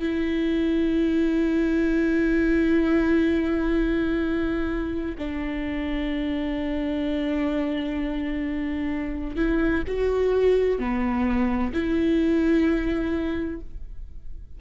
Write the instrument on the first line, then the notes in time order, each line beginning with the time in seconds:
viola
0.00 E4
5.18 D4
9.36 E4
9.88 F#4
10.79 B3
11.73 E4